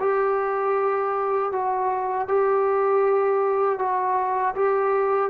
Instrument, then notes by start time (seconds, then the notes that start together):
trombone
0.00 G4
1.52 F#4
2.28 G4
3.79 F#4
4.55 G4